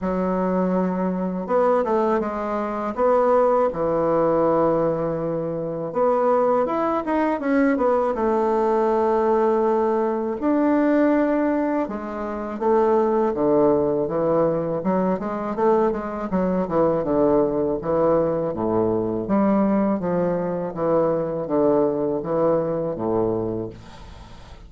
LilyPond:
\new Staff \with { instrumentName = "bassoon" } { \time 4/4 \tempo 4 = 81 fis2 b8 a8 gis4 | b4 e2. | b4 e'8 dis'8 cis'8 b8 a4~ | a2 d'2 |
gis4 a4 d4 e4 | fis8 gis8 a8 gis8 fis8 e8 d4 | e4 a,4 g4 f4 | e4 d4 e4 a,4 | }